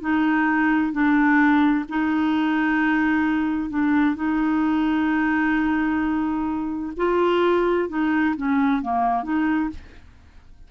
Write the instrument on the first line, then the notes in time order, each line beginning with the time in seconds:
clarinet
0.00 D#4
0.92 D4
1.88 D#4
3.69 D4
4.15 D#4
6.96 F4
7.89 D#4
8.36 C#4
8.82 A#3
9.23 D#4